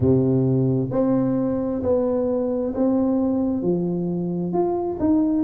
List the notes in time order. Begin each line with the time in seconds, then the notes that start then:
0.00 C3
0.91 C4
1.82 B3
2.74 C4
3.62 F3
4.52 F4
4.99 D#4